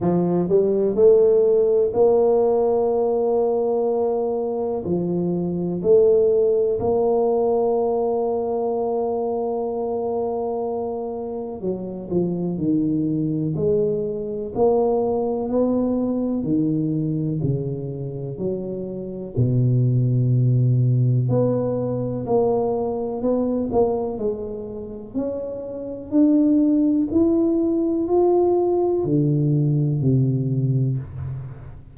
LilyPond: \new Staff \with { instrumentName = "tuba" } { \time 4/4 \tempo 4 = 62 f8 g8 a4 ais2~ | ais4 f4 a4 ais4~ | ais1 | fis8 f8 dis4 gis4 ais4 |
b4 dis4 cis4 fis4 | b,2 b4 ais4 | b8 ais8 gis4 cis'4 d'4 | e'4 f'4 d4 c4 | }